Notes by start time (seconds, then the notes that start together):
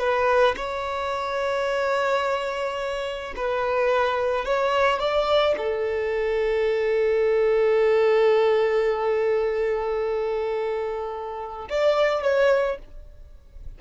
0.00 B4
0.57 C#5
3.36 B4
4.45 C#5
5.00 D5
5.58 A4
11.70 D5
12.23 C#5